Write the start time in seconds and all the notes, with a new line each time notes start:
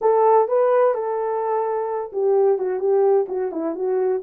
0.01 A4
0.48 B4
0.94 A4
2.12 G4
2.58 F#4
2.79 G4
3.28 F#4
3.51 E4
3.75 F#4